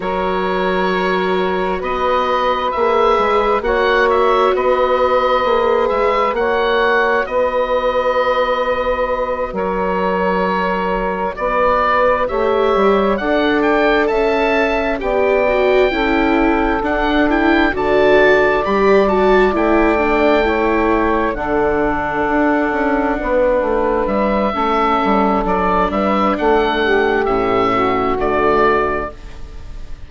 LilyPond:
<<
  \new Staff \with { instrumentName = "oboe" } { \time 4/4 \tempo 4 = 66 cis''2 dis''4 e''4 | fis''8 e''8 dis''4. e''8 fis''4 | dis''2~ dis''8 cis''4.~ | cis''8 d''4 e''4 fis''8 g''8 a''8~ |
a''8 g''2 fis''8 g''8 a''8~ | a''8 b''8 a''8 g''2 fis''8~ | fis''2~ fis''8 e''4. | d''8 e''8 fis''4 e''4 d''4 | }
  \new Staff \with { instrumentName = "saxophone" } { \time 4/4 ais'2 b'2 | cis''4 b'2 cis''4 | b'2~ b'8 ais'4.~ | ais'8 b'4 cis''4 d''4 e''8~ |
e''8 d''4 a'2 d''8~ | d''2~ d''8 cis''4 a'8~ | a'4. b'4. a'4~ | a'8 b'8 a'8 g'4 fis'4. | }
  \new Staff \with { instrumentName = "viola" } { \time 4/4 fis'2. gis'4 | fis'2 gis'4 fis'4~ | fis'1~ | fis'4. g'4 a'4.~ |
a'8 g'8 fis'8 e'4 d'8 e'8 fis'8~ | fis'8 g'8 fis'8 e'8 d'8 e'4 d'8~ | d'2. cis'4 | d'2 cis'4 a4 | }
  \new Staff \with { instrumentName = "bassoon" } { \time 4/4 fis2 b4 ais8 gis8 | ais4 b4 ais8 gis8 ais4 | b2~ b8 fis4.~ | fis8 b4 a8 g8 d'4 cis'8~ |
cis'8 b4 cis'4 d'4 d8~ | d8 g4 a2 d8~ | d8 d'8 cis'8 b8 a8 g8 a8 g8 | fis8 g8 a4 a,4 d4 | }
>>